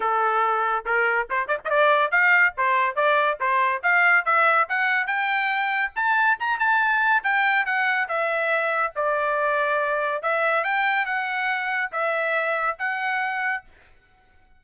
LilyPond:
\new Staff \with { instrumentName = "trumpet" } { \time 4/4 \tempo 4 = 141 a'2 ais'4 c''8 d''16 dis''16 | d''4 f''4 c''4 d''4 | c''4 f''4 e''4 fis''4 | g''2 a''4 ais''8 a''8~ |
a''4 g''4 fis''4 e''4~ | e''4 d''2. | e''4 g''4 fis''2 | e''2 fis''2 | }